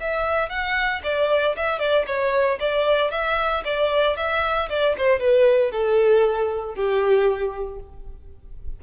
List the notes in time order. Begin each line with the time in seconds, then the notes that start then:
0.00 E5
0.49 F#5
1.03 D5
1.56 E5
1.79 D5
2.06 C#5
2.60 D5
3.11 E5
3.65 D5
4.16 E5
4.69 D5
4.97 C5
5.19 B4
5.71 A4
6.75 G4